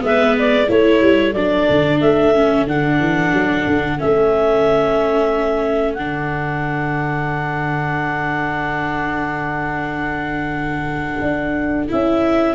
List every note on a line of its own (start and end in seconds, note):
0.00 0.69 G#3
0.00 0.66 B3
0.00 0.37 E5
0.06 0.68 B4
0.38 0.70 D5
0.67 1.01 A3
0.67 1.33 E4
0.67 12.54 A4
0.67 1.33 C#5
1.01 1.34 G3
1.33 1.66 F#3
1.33 2.35 D4
1.33 1.99 D5
1.69 2.01 D3
2.00 2.67 A3
2.00 2.66 E5
2.35 2.67 C#4
2.67 2.99 D3
2.67 3.99 D4
2.67 4.00 F#5
2.99 3.32 E3
3.33 3.66 F#3
3.67 4.00 D3
3.99 5.98 A3
3.99 5.96 C#4
3.99 5.93 E5
5.93 11.21 D3
5.93 11.88 D4
5.93 11.87 F#5
11.21 11.87 D4
11.88 12.54 C#4
11.88 12.54 E4
11.88 12.54 E5